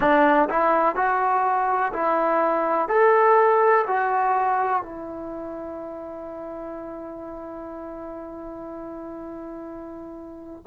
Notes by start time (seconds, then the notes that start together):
0.00 D4
0.49 E4
0.95 F#4
1.92 E4
2.88 A4
3.87 F#4
4.82 E4